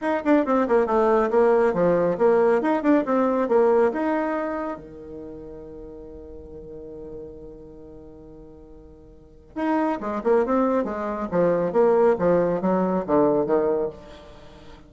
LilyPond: \new Staff \with { instrumentName = "bassoon" } { \time 4/4 \tempo 4 = 138 dis'8 d'8 c'8 ais8 a4 ais4 | f4 ais4 dis'8 d'8 c'4 | ais4 dis'2 dis4~ | dis1~ |
dis1~ | dis2 dis'4 gis8 ais8 | c'4 gis4 f4 ais4 | f4 fis4 d4 dis4 | }